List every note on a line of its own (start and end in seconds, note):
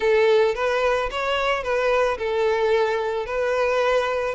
0.00 0.54 A4
0.55 1.09 B4
1.11 1.63 C#5
1.63 2.17 B4
2.17 3.26 A4
3.26 4.35 B4